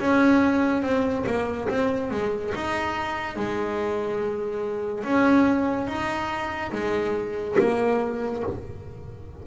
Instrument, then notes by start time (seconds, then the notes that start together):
double bass
0.00 C#4
0.83 C4
1.27 A#3
1.69 C4
2.11 G#3
2.55 D#4
3.36 G#3
5.04 C#4
5.88 D#4
6.72 G#3
7.59 A#3